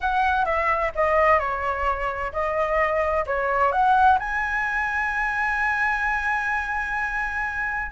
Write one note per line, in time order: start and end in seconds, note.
0.01 0.45 F#5
0.45 0.91 E5
0.95 1.39 D#5
1.39 2.32 C#5
2.32 3.25 D#5
3.26 3.71 C#5
3.71 4.18 F#5
4.19 7.91 G#5